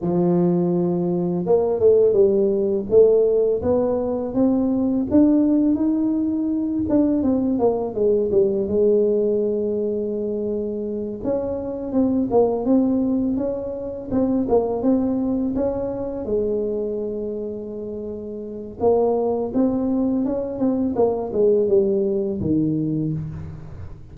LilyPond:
\new Staff \with { instrumentName = "tuba" } { \time 4/4 \tempo 4 = 83 f2 ais8 a8 g4 | a4 b4 c'4 d'4 | dis'4. d'8 c'8 ais8 gis8 g8 | gis2.~ gis8 cis'8~ |
cis'8 c'8 ais8 c'4 cis'4 c'8 | ais8 c'4 cis'4 gis4.~ | gis2 ais4 c'4 | cis'8 c'8 ais8 gis8 g4 dis4 | }